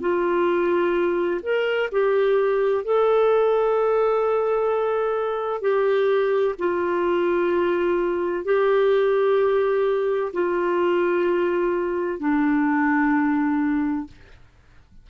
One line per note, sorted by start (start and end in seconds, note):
0.00 1.41 F4
1.42 1.89 A#4
1.92 2.84 G4
2.84 5.61 A4
5.61 6.55 G4
6.58 8.44 F4
8.44 10.32 G4
10.33 12.19 F4
12.19 14.07 D4